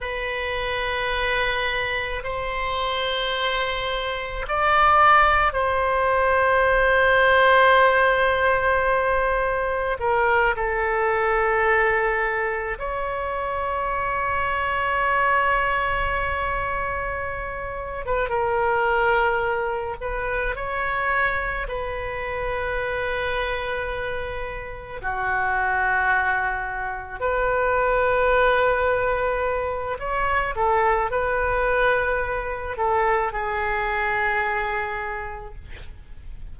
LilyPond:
\new Staff \with { instrumentName = "oboe" } { \time 4/4 \tempo 4 = 54 b'2 c''2 | d''4 c''2.~ | c''4 ais'8 a'2 cis''8~ | cis''1~ |
cis''16 b'16 ais'4. b'8 cis''4 b'8~ | b'2~ b'8 fis'4.~ | fis'8 b'2~ b'8 cis''8 a'8 | b'4. a'8 gis'2 | }